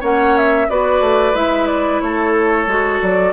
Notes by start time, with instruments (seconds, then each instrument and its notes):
0.00 bassoon A#3, clarinet C#4, oboe C#5, flute F#5
0.37 flute E5
0.69 bassoon B3, clarinet F#4, oboe B4, flute D5
1.00 bassoon A3
1.34 bassoon G#3, clarinet E4, flute E5
1.67 flute D5
2.01 bassoon A3, oboe A4, flute C#5
2.67 bassoon G#3, clarinet F#4
3.01 bassoon F#3, flute D5